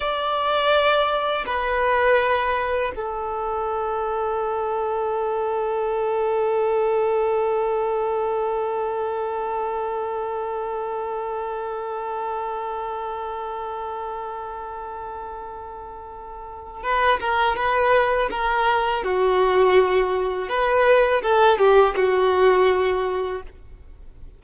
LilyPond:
\new Staff \with { instrumentName = "violin" } { \time 4/4 \tempo 4 = 82 d''2 b'2 | a'1~ | a'1~ | a'1~ |
a'1~ | a'2. b'8 ais'8 | b'4 ais'4 fis'2 | b'4 a'8 g'8 fis'2 | }